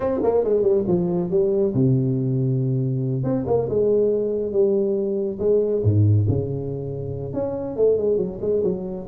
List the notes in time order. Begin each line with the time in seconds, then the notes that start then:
0.00 C4
0.22 A#3
0.44 G#3
0.62 G3
0.87 F3
1.30 G3
1.74 C3
3.23 C4
3.46 A#3
3.69 G#3
4.52 G3
5.39 G#3
5.83 G#2
6.28 C#3
7.33 C#4
7.76 A3
7.97 G#3
8.17 F#3
8.41 G#3
8.63 F#3